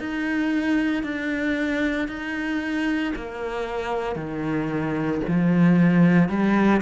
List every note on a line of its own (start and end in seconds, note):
0.00 1.03 D#4
1.03 2.08 D4
2.08 3.13 D#4
3.16 4.16 A#3
4.16 5.21 D#3
5.28 6.29 F3
6.29 6.81 G3